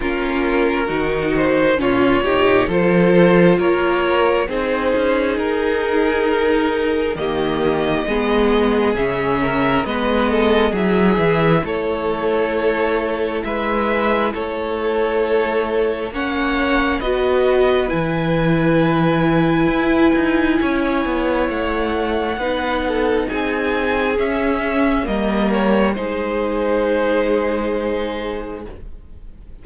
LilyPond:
<<
  \new Staff \with { instrumentName = "violin" } { \time 4/4 \tempo 4 = 67 ais'4. c''8 cis''4 c''4 | cis''4 c''4 ais'2 | dis''2 e''4 dis''4 | e''4 cis''2 e''4 |
cis''2 fis''4 dis''4 | gis''1 | fis''2 gis''4 e''4 | dis''8 cis''8 c''2. | }
  \new Staff \with { instrumentName = "violin" } { \time 4/4 f'4 fis'4 f'8 g'8 a'4 | ais'4 gis'2. | g'4 gis'4. ais'8 b'8 a'8 | gis'4 a'2 b'4 |
a'2 cis''4 b'4~ | b'2. cis''4~ | cis''4 b'8 a'8 gis'2 | ais'4 gis'2. | }
  \new Staff \with { instrumentName = "viola" } { \time 4/4 cis'4 dis'4 cis'8 dis'8 f'4~ | f'4 dis'2. | ais4 b4 cis'4 b4 | e'1~ |
e'2 cis'4 fis'4 | e'1~ | e'4 dis'2 cis'4 | ais4 dis'2. | }
  \new Staff \with { instrumentName = "cello" } { \time 4/4 ais4 dis4 ais,4 f4 | ais4 c'8 cis'8 dis'2 | dis4 gis4 cis4 gis4 | fis8 e8 a2 gis4 |
a2 ais4 b4 | e2 e'8 dis'8 cis'8 b8 | a4 b4 c'4 cis'4 | g4 gis2. | }
>>